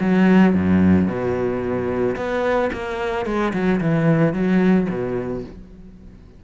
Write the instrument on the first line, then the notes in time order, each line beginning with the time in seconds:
cello
0.00 F#3
0.54 F#2
1.07 B2
2.16 B3
2.72 A#3
3.25 G#3
3.53 F#3
3.80 E3
4.33 F#3
4.89 B2